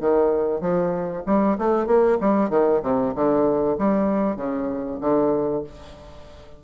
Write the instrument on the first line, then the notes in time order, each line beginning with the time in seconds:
bassoon
0.00 D#3
0.61 F3
1.26 G3
1.58 A3
1.86 A#3
2.20 G3
2.50 D#3
2.82 C3
3.15 D3
3.78 G3
4.36 C#3
5.01 D3